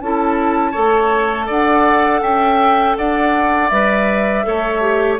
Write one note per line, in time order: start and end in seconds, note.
0.00 0.74 C#4
0.00 0.73 E4
0.00 0.71 A4
0.00 1.49 A5
0.71 1.49 A3
0.71 3.69 A4
0.71 1.46 C#5
1.46 2.22 D4
1.46 2.20 D5
1.46 2.23 F#5
2.22 2.96 C#4
2.22 2.96 E5
2.22 2.97 G5
2.97 3.71 D4
2.97 4.46 D5
2.97 3.69 F#5
3.69 4.45 G3
3.69 4.44 B4
3.69 5.17 E5
4.44 5.20 A3
4.44 4.81 A4
4.44 5.20 C#5
4.81 5.18 G4